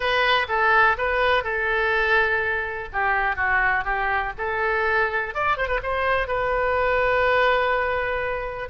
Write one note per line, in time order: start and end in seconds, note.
0.00 0.47 B4
0.48 0.97 A4
0.97 1.43 B4
1.43 2.88 A4
2.93 3.36 G4
3.36 3.84 F#4
3.84 4.32 G4
4.38 5.34 A4
5.34 5.57 D5
5.57 5.67 C5
5.67 5.80 B4
5.82 6.27 C5
6.27 8.69 B4